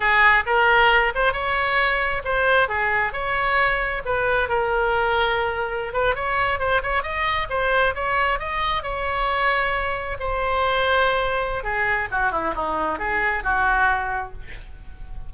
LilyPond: \new Staff \with { instrumentName = "oboe" } { \time 4/4 \tempo 4 = 134 gis'4 ais'4. c''8 cis''4~ | cis''4 c''4 gis'4 cis''4~ | cis''4 b'4 ais'2~ | ais'4~ ais'16 b'8 cis''4 c''8 cis''8 dis''16~ |
dis''8. c''4 cis''4 dis''4 cis''16~ | cis''2~ cis''8. c''4~ c''16~ | c''2 gis'4 fis'8 e'8 | dis'4 gis'4 fis'2 | }